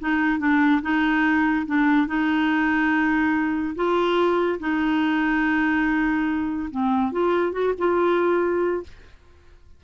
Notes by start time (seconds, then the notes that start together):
0.00 D#4
0.39 D4
0.82 D#4
1.67 D4
2.08 D#4
3.76 F4
4.60 D#4
6.71 C4
7.12 F4
7.52 F#4
7.79 F4